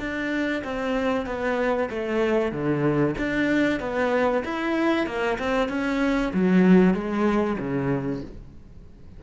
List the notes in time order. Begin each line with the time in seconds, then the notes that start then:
0.00 D4
0.64 C4
1.27 B3
1.91 A3
2.52 D3
3.19 D4
3.80 B3
4.45 E4
5.07 A#3
5.39 C4
5.69 C#4
6.34 F#3
6.94 G#3
7.59 C#3